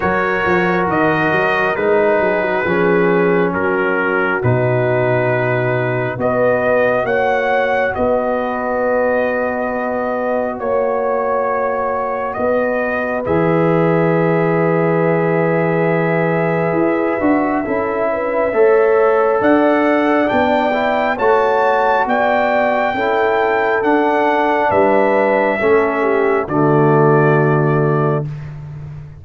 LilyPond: <<
  \new Staff \with { instrumentName = "trumpet" } { \time 4/4 \tempo 4 = 68 cis''4 dis''4 b'2 | ais'4 b'2 dis''4 | fis''4 dis''2. | cis''2 dis''4 e''4~ |
e''1~ | e''2 fis''4 g''4 | a''4 g''2 fis''4 | e''2 d''2 | }
  \new Staff \with { instrumentName = "horn" } { \time 4/4 ais'2~ ais'8 gis'16 fis'16 gis'4 | fis'2. b'4 | cis''4 b'2. | cis''2 b'2~ |
b'1 | a'8 b'8 cis''4 d''2 | cis''4 d''4 a'2 | b'4 a'8 g'8 fis'2 | }
  \new Staff \with { instrumentName = "trombone" } { \time 4/4 fis'2 dis'4 cis'4~ | cis'4 dis'2 fis'4~ | fis'1~ | fis'2. gis'4~ |
gis'2.~ gis'8 fis'8 | e'4 a'2 d'8 e'8 | fis'2 e'4 d'4~ | d'4 cis'4 a2 | }
  \new Staff \with { instrumentName = "tuba" } { \time 4/4 fis8 f8 dis8 fis8 gis8 fis8 f4 | fis4 b,2 b4 | ais4 b2. | ais2 b4 e4~ |
e2. e'8 d'8 | cis'4 a4 d'4 b4 | a4 b4 cis'4 d'4 | g4 a4 d2 | }
>>